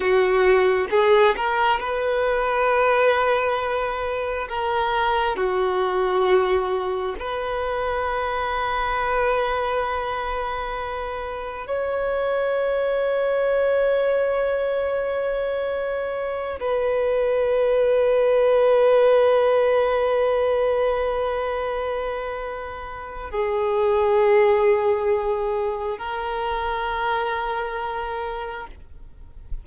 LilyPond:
\new Staff \with { instrumentName = "violin" } { \time 4/4 \tempo 4 = 67 fis'4 gis'8 ais'8 b'2~ | b'4 ais'4 fis'2 | b'1~ | b'4 cis''2.~ |
cis''2~ cis''8 b'4.~ | b'1~ | b'2 gis'2~ | gis'4 ais'2. | }